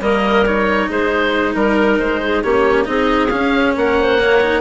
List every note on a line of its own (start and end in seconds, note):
0.00 0.88 G3
0.00 0.46 A#3
0.00 0.89 A#4
0.00 0.46 D#5
0.46 2.44 D#4
0.46 0.91 C#5
0.89 1.56 G#3
0.89 1.55 G#4
0.89 1.55 C5
1.55 2.00 G3
1.55 1.99 A#4
1.55 2.23 A#4
2.00 2.44 G#3
2.00 2.43 C5
2.23 2.44 G#4
2.43 2.87 A#3
2.43 2.85 C#4
2.43 2.88 G4
2.43 2.85 C#5
2.85 3.31 C4
2.85 3.29 D#4
2.85 3.76 G#4
2.85 3.29 D#5
3.29 4.19 C#4
3.29 3.77 C#4
3.29 3.74 F5
3.77 4.62 A#3
3.77 3.99 A#4
3.77 4.62 F#5
4.00 4.22 C5
4.19 4.41 A#3
4.19 4.62 C#5
4.41 4.62 D#4